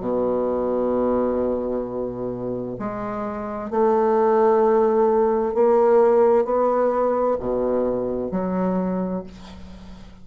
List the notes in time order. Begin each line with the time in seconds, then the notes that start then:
0.00 B2
2.79 G#3
3.70 A3
5.54 A#3
6.45 B3
7.40 B2
8.31 F#3